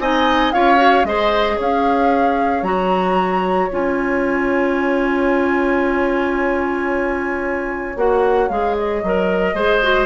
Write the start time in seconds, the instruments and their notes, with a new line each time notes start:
0.00 bassoon C4, clarinet D#4, oboe D#5, flute G#5
0.52 bassoon C#4, clarinet F4, oboe C#5, flute F5
0.77 clarinet F#4
1.04 bassoon G#3, clarinet G#4, oboe C5, flute D#5
1.56 bassoon C#4, oboe C#5, flute F5
2.63 bassoon F#3, clarinet F#4, flute A#5
3.71 bassoon C#4, clarinet F4, flute G#5
7.96 bassoon A#3, clarinet F#4, flute F#5
8.49 bassoon G#3, clarinet G#4, flute F5
8.78 flute D#5
9.03 bassoon F#3, clarinet A#4
9.54 bassoon G#3, clarinet G#4, oboe C5
9.83 clarinet F#4